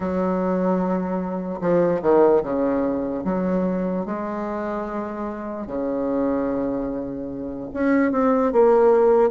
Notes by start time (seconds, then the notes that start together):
0.00 F#3
1.60 F3
2.02 D#3
2.43 C#3
3.24 F#3
4.05 G#3
5.66 C#3
7.73 C#4
8.11 C4
8.52 A#3